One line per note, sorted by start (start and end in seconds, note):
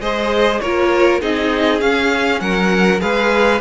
0.00 0.60 G#3
0.00 0.62 G#4
0.00 0.61 C5
0.00 0.60 D#5
0.60 1.22 A#3
0.60 1.21 F4
0.60 1.22 A#4
0.60 1.21 C#5
1.21 1.82 C4
1.21 1.79 D#4
1.21 2.42 G#4
1.21 1.81 D#5
1.79 2.99 C#4
1.79 2.41 C#4
1.79 2.40 F5
2.40 3.01 F#3
2.40 3.02 A#4
2.40 3.00 F#5
3.00 3.61 G#3
3.00 3.60 G#4
3.00 3.61 B4
3.00 3.61 F5